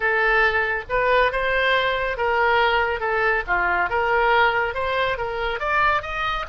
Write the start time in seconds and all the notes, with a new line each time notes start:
0.00 A4
0.89 B4
1.32 C5
2.17 A#4
3.00 A4
3.47 F4
3.89 A#4
4.74 C5
5.17 A#4
5.59 D5
6.02 D#5